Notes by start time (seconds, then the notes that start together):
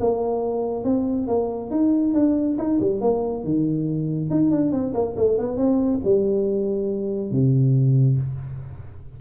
0.00 A#3
0.84 C4
1.27 A#3
1.70 D#4
2.13 D4
2.58 D#4
2.80 G3
3.01 A#3
3.44 D#3
4.30 D#4
4.51 D4
4.72 C4
4.94 A#3
5.16 A3
5.38 B3
5.57 C4
6.04 G3
7.31 C3